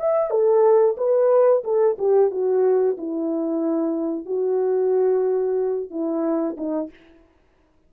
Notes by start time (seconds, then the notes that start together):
0.00 E5
0.31 A4
0.98 B4
1.65 A4
1.99 G4
2.31 F#4
2.98 E4
4.26 F#4
5.91 E4
6.58 D#4